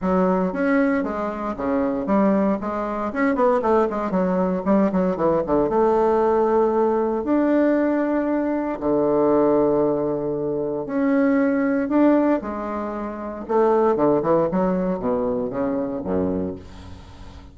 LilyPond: \new Staff \with { instrumentName = "bassoon" } { \time 4/4 \tempo 4 = 116 fis4 cis'4 gis4 cis4 | g4 gis4 cis'8 b8 a8 gis8 | fis4 g8 fis8 e8 d8 a4~ | a2 d'2~ |
d'4 d2.~ | d4 cis'2 d'4 | gis2 a4 d8 e8 | fis4 b,4 cis4 fis,4 | }